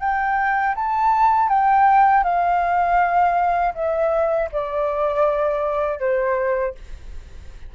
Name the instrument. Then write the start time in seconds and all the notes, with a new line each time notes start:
flute
0.00 G5
0.75 A5
1.49 G5
2.24 F5
3.75 E5
4.52 D5
6.00 C5